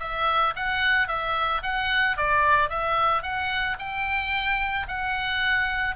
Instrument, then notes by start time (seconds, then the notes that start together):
oboe
0.00 E5
0.56 F#5
1.08 E5
1.63 F#5
2.17 D5
2.70 E5
3.23 F#5
3.79 G5
4.88 F#5